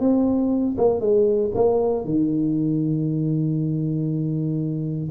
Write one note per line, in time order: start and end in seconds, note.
0.00 0.76 C4
0.77 1.00 A#3
1.00 1.51 G#3
1.55 2.05 A#3
2.05 5.10 D#3